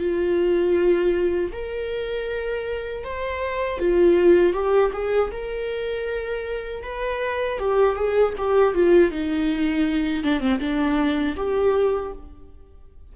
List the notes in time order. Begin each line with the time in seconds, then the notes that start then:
0.00 F4
1.52 A#4
3.04 C5
3.79 F4
4.54 G4
4.93 G#4
5.32 A#4
6.84 B4
7.59 G4
7.96 G#4
8.38 G4
8.75 F4
9.11 D#4
10.24 D4
10.41 C4
10.60 D4
11.37 G4